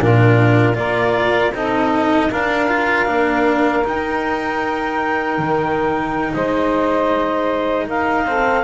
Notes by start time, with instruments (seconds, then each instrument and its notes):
0.00 double bass A#2, cello D4, saxophone F4, clarinet A#4
0.74 double bass A#3, cello F4, saxophone A#4, clarinet D5
1.53 double bass C4, cello D#4, saxophone A4, clarinet D#5
2.30 double bass D4, cello D4, saxophone A#4, clarinet F5
2.68 cello F4
3.06 double bass A#3, cello D4
3.84 cello D#4, double bass D#4, clarinet G5
5.38 double bass D#3
6.33 double bass G#3, saxophone C5, clarinet D#5
7.86 double bass D#4, saxophone A#4, clarinet F5
8.26 cello C4, saxophone A4